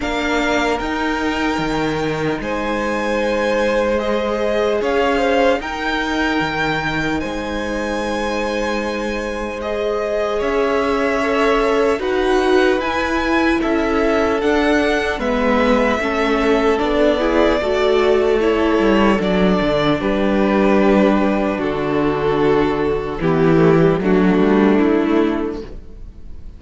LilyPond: <<
  \new Staff \with { instrumentName = "violin" } { \time 4/4 \tempo 4 = 75 f''4 g''2 gis''4~ | gis''4 dis''4 f''4 g''4~ | g''4 gis''2. | dis''4 e''2 fis''4 |
gis''4 e''4 fis''4 e''4~ | e''4 d''2 cis''4 | d''4 b'2 a'4~ | a'4 g'4 fis'4 e'4 | }
  \new Staff \with { instrumentName = "violin" } { \time 4/4 ais'2. c''4~ | c''2 cis''8 c''8 ais'4~ | ais'4 c''2.~ | c''4 cis''2 b'4~ |
b'4 a'2 b'4 | a'4. gis'8 a'2~ | a'4 g'2 fis'4~ | fis'4 e'4 d'2 | }
  \new Staff \with { instrumentName = "viola" } { \time 4/4 d'4 dis'2.~ | dis'4 gis'2 dis'4~ | dis'1 | gis'2 a'4 fis'4 |
e'2 d'4 b4 | cis'4 d'8 e'8 fis'4 e'4 | d'1~ | d'4 b8 a16 g16 a2 | }
  \new Staff \with { instrumentName = "cello" } { \time 4/4 ais4 dis'4 dis4 gis4~ | gis2 cis'4 dis'4 | dis4 gis2.~ | gis4 cis'2 dis'4 |
e'4 cis'4 d'4 gis4 | a4 b4 a4. g8 | fis8 d8 g2 d4~ | d4 e4 fis8 g8 a4 | }
>>